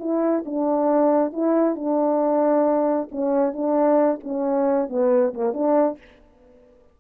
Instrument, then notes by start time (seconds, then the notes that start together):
horn
0.00 E4
0.46 D4
1.33 E4
1.76 D4
3.12 C#4
3.53 D4
4.24 C#4
4.89 B3
5.34 A#3
5.54 D4